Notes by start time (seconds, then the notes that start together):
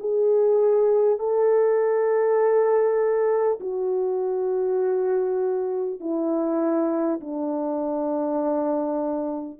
0.00 G#4
1.19 A4
3.61 F#4
6.01 E4
7.21 D4